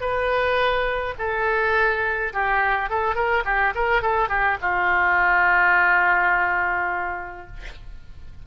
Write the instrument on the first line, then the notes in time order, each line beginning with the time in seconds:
oboe
0.00 B4
1.18 A4
2.33 G4
2.89 A4
3.15 A#4
3.45 G4
3.75 A#4
4.02 A4
4.29 G4
4.61 F4